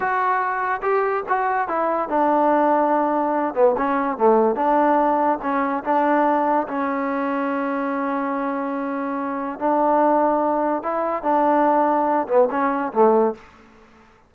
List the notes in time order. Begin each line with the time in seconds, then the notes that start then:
0.00 F#4
0.82 G4
1.28 F#4
1.68 E4
2.09 D4
3.54 B3
3.77 C#4
4.17 A3
4.55 D4
5.42 C#4
5.84 D4
6.67 C#4
9.59 D4
10.82 E4
11.23 D4
12.27 B3
12.51 C#4
12.92 A3